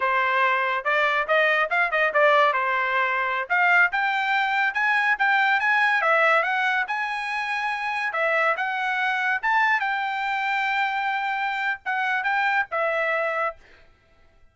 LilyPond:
\new Staff \with { instrumentName = "trumpet" } { \time 4/4 \tempo 4 = 142 c''2 d''4 dis''4 | f''8 dis''8 d''4 c''2~ | c''16 f''4 g''2 gis''8.~ | gis''16 g''4 gis''4 e''4 fis''8.~ |
fis''16 gis''2. e''8.~ | e''16 fis''2 a''4 g''8.~ | g''1 | fis''4 g''4 e''2 | }